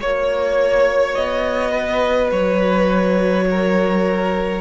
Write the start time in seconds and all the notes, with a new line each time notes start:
0.00 A#3 F#4 C#5
1.15 B3 D#5
1.72 B4
2.31 F#3 C#5
3.50 A#4